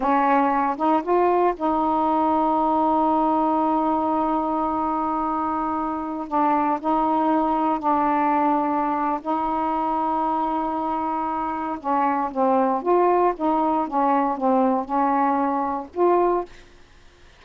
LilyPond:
\new Staff \with { instrumentName = "saxophone" } { \time 4/4 \tempo 4 = 117 cis'4. dis'8 f'4 dis'4~ | dis'1~ | dis'1~ | dis'16 d'4 dis'2 d'8.~ |
d'2 dis'2~ | dis'2. cis'4 | c'4 f'4 dis'4 cis'4 | c'4 cis'2 f'4 | }